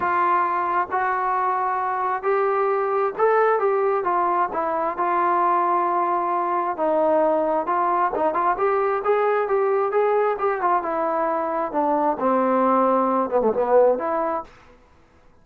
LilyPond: \new Staff \with { instrumentName = "trombone" } { \time 4/4 \tempo 4 = 133 f'2 fis'2~ | fis'4 g'2 a'4 | g'4 f'4 e'4 f'4~ | f'2. dis'4~ |
dis'4 f'4 dis'8 f'8 g'4 | gis'4 g'4 gis'4 g'8 f'8 | e'2 d'4 c'4~ | c'4. b16 a16 b4 e'4 | }